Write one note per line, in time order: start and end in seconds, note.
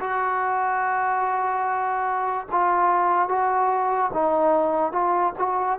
0.00 2.47 F#4
2.51 3.28 F4
3.28 4.11 F#4
4.13 4.92 D#4
4.92 5.33 F4
5.38 5.79 F#4